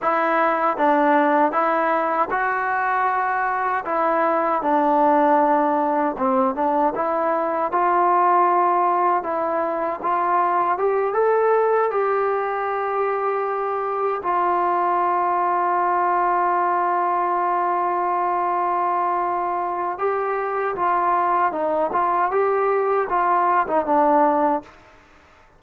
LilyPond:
\new Staff \with { instrumentName = "trombone" } { \time 4/4 \tempo 4 = 78 e'4 d'4 e'4 fis'4~ | fis'4 e'4 d'2 | c'8 d'8 e'4 f'2 | e'4 f'4 g'8 a'4 g'8~ |
g'2~ g'8 f'4.~ | f'1~ | f'2 g'4 f'4 | dis'8 f'8 g'4 f'8. dis'16 d'4 | }